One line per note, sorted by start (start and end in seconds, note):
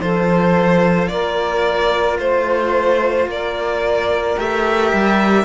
0.00 1.09 F3
0.00 4.37 F4
0.00 1.10 A4
0.00 1.08 C5
1.08 2.19 A#3
1.08 2.19 A#4
1.08 2.17 D5
2.19 3.27 A3
2.19 3.28 C5
3.27 4.36 A#3
3.27 5.44 A#4
3.27 4.39 D5
4.37 4.92 A3
4.37 5.44 G4
4.37 5.44 E5
4.93 5.44 G3